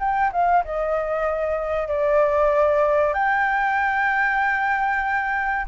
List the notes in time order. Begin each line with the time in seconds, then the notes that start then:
0.00 G5
0.32 F5
0.65 D#5
1.88 D5
3.14 G5